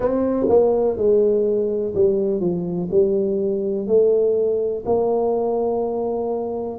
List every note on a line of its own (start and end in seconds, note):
0.00 0.46 C4
0.48 0.97 A#3
0.97 1.94 G#3
1.94 2.40 G3
2.40 2.88 F3
2.90 3.87 G3
3.87 4.83 A3
4.85 6.79 A#3